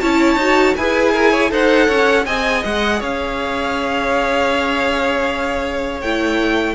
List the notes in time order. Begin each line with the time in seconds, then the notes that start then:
0.00 C#4 E4 C#5 A5
0.36 D#4 F#4
0.76 E4 G#4 B4 G#5
1.13 A#4
1.31 C#5
1.49 D#4 A4 C5 F#5
1.87 C#4 C#5
2.26 C4 G#4 D#5 G#5
2.65 G#3 F#5
2.99 C#4 C#5 F5
6.01 A3 E4 G5